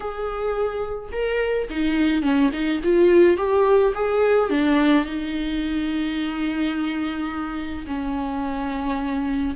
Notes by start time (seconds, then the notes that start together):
0.00 G#4
1.11 A#4
1.70 D#4
2.22 C#4
2.52 D#4
2.83 F4
3.37 G4
3.94 G#4
4.50 D4
5.05 D#4
7.87 C#4